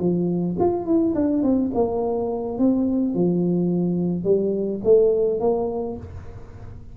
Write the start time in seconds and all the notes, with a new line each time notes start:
0.00 F3
0.60 F4
0.86 E4
1.15 D4
1.43 C4
1.75 A#3
2.58 C4
3.14 F3
4.24 G3
4.84 A3
5.40 A#3